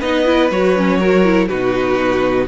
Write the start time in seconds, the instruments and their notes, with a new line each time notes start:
0.00 cello B3, viola D#4, violin B4 D#5
0.26 viola E4
0.51 cello F#3, viola F#4, violin C#5
0.77 viola C#4
1.00 viola F#4, violin A#4
1.25 viola E4
1.48 cello B2, viola D#4, violin F#4 B4